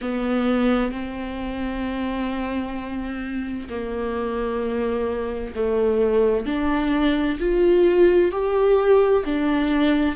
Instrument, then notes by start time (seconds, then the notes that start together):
viola
0.01 B3
0.91 C4
3.69 A#3
5.55 A3
6.46 D4
7.39 F4
8.31 G4
9.24 D4